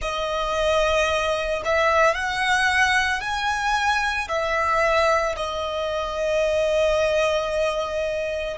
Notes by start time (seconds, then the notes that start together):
0.01 D#5
1.64 E5
2.14 F#5
3.20 G#5
4.28 E5
5.36 D#5